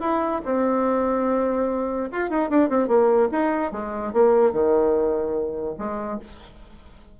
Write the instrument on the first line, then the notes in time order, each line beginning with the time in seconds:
bassoon
0.00 E4
0.45 C4
2.11 F4
2.30 D#4
2.50 D4
2.69 C4
2.87 A#3
3.31 D#4
3.71 G#3
4.13 A#3
4.52 D#3
5.78 G#3